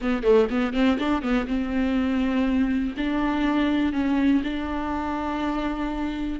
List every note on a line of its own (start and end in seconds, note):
0.01 0.23 B3
0.23 0.47 A3
0.49 0.73 B3
0.73 0.97 C4
0.98 1.21 D4
1.21 1.46 B3
1.47 2.94 C4
2.97 3.92 D4
3.92 4.42 C#4
4.43 6.40 D4